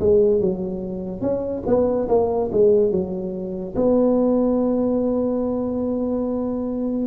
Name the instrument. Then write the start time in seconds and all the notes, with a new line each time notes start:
tuba
0.00 G#3
0.40 F#3
1.21 C#4
1.67 B3
2.09 A#3
2.52 G#3
2.91 F#3
3.76 B3